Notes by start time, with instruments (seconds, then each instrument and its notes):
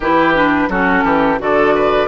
0.00 bassoon E3, clarinet E4, oboe G4, flute B4
0.34 clarinet D4
0.68 bassoon F#3, clarinet C#4, oboe F#4, flute A4
1.04 bassoon E3, oboe G4
1.38 bassoon D3, clarinet F#4, oboe A4, flute D5
1.74 oboe B4